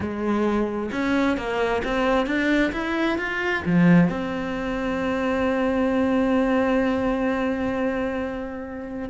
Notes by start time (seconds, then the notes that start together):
0.00 G#3
0.91 C#4
1.37 A#3
1.84 C4
2.26 D4
2.72 E4
3.17 F4
3.65 F3
4.09 C4